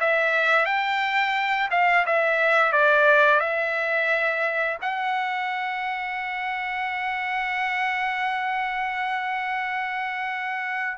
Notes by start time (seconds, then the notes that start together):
0.00 E5
0.66 G5
1.71 F5
2.06 E5
2.73 D5
3.40 E5
4.82 F#5